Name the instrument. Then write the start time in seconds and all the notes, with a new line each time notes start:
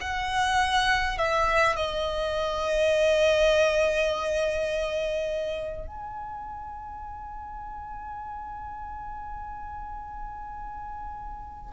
violin
0.00 F#5
1.17 E5
1.76 D#5
5.87 G#5